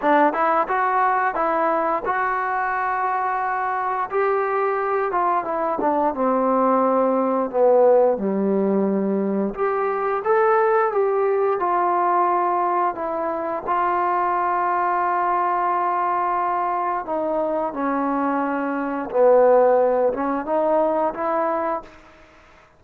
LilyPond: \new Staff \with { instrumentName = "trombone" } { \time 4/4 \tempo 4 = 88 d'8 e'8 fis'4 e'4 fis'4~ | fis'2 g'4. f'8 | e'8 d'8 c'2 b4 | g2 g'4 a'4 |
g'4 f'2 e'4 | f'1~ | f'4 dis'4 cis'2 | b4. cis'8 dis'4 e'4 | }